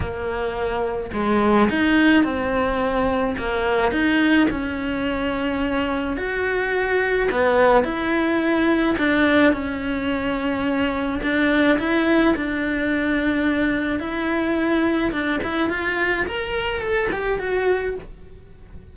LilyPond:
\new Staff \with { instrumentName = "cello" } { \time 4/4 \tempo 4 = 107 ais2 gis4 dis'4 | c'2 ais4 dis'4 | cis'2. fis'4~ | fis'4 b4 e'2 |
d'4 cis'2. | d'4 e'4 d'2~ | d'4 e'2 d'8 e'8 | f'4 ais'4 a'8 g'8 fis'4 | }